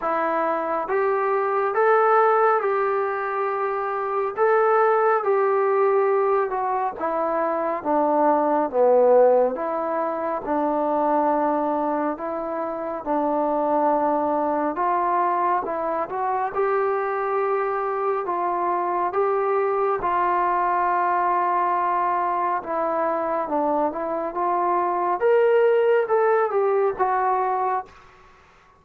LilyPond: \new Staff \with { instrumentName = "trombone" } { \time 4/4 \tempo 4 = 69 e'4 g'4 a'4 g'4~ | g'4 a'4 g'4. fis'8 | e'4 d'4 b4 e'4 | d'2 e'4 d'4~ |
d'4 f'4 e'8 fis'8 g'4~ | g'4 f'4 g'4 f'4~ | f'2 e'4 d'8 e'8 | f'4 ais'4 a'8 g'8 fis'4 | }